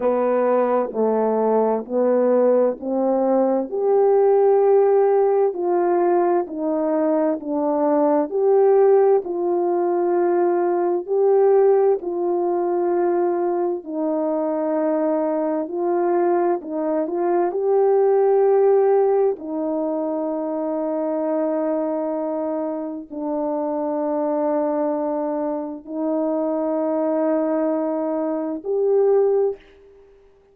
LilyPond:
\new Staff \with { instrumentName = "horn" } { \time 4/4 \tempo 4 = 65 b4 a4 b4 c'4 | g'2 f'4 dis'4 | d'4 g'4 f'2 | g'4 f'2 dis'4~ |
dis'4 f'4 dis'8 f'8 g'4~ | g'4 dis'2.~ | dis'4 d'2. | dis'2. g'4 | }